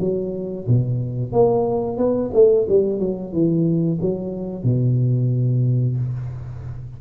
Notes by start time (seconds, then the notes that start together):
0.00 F#3
0.68 B2
1.33 A#3
1.98 B3
2.34 A3
2.69 G3
3.00 F#3
3.33 E3
4.02 F#3
4.64 B2